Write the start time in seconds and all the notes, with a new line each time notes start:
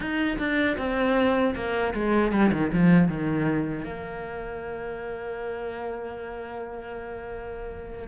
0.00 D#4
0.38 D4
0.77 C4
1.55 A#3
1.93 G#3
2.31 G3
2.52 D#3
2.72 F3
3.08 D#3
3.84 A#3